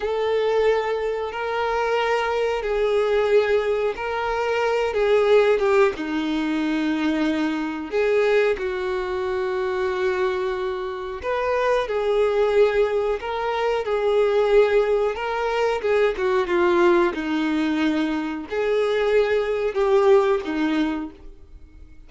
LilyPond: \new Staff \with { instrumentName = "violin" } { \time 4/4 \tempo 4 = 91 a'2 ais'2 | gis'2 ais'4. gis'8~ | gis'8 g'8 dis'2. | gis'4 fis'2.~ |
fis'4 b'4 gis'2 | ais'4 gis'2 ais'4 | gis'8 fis'8 f'4 dis'2 | gis'2 g'4 dis'4 | }